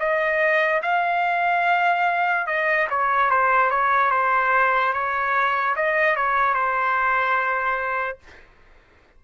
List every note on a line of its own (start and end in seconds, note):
0.00 0.82 D#5
0.83 2.47 F5
2.47 2.88 D#5
2.90 3.31 C#5
3.31 3.71 C5
3.71 4.11 C#5
4.11 4.94 C5
4.94 5.76 C#5
5.76 6.17 D#5
6.17 6.55 C#5
6.55 8.19 C5